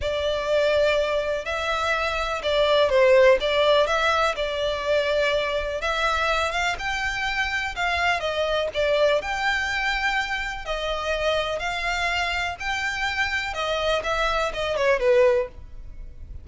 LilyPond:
\new Staff \with { instrumentName = "violin" } { \time 4/4 \tempo 4 = 124 d''2. e''4~ | e''4 d''4 c''4 d''4 | e''4 d''2. | e''4. f''8 g''2 |
f''4 dis''4 d''4 g''4~ | g''2 dis''2 | f''2 g''2 | dis''4 e''4 dis''8 cis''8 b'4 | }